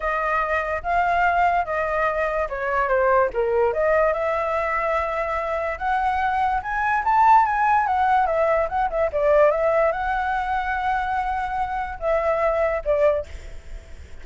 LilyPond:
\new Staff \with { instrumentName = "flute" } { \time 4/4 \tempo 4 = 145 dis''2 f''2 | dis''2 cis''4 c''4 | ais'4 dis''4 e''2~ | e''2 fis''2 |
gis''4 a''4 gis''4 fis''4 | e''4 fis''8 e''8 d''4 e''4 | fis''1~ | fis''4 e''2 d''4 | }